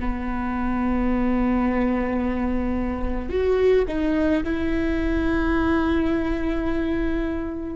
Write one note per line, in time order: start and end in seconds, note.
0.00 3.29 B3
3.29 3.85 F#4
3.88 4.43 D#4
4.44 7.76 E4